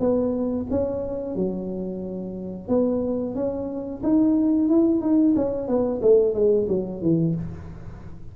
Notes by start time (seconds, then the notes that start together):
0.00 B3
0.71 C#4
1.36 F#3
2.69 B3
3.35 C#4
4.04 D#4
4.69 E4
5.02 D#4
5.36 C#4
5.68 B3
6.02 A3
6.35 G#3
6.69 F#3
7.02 E3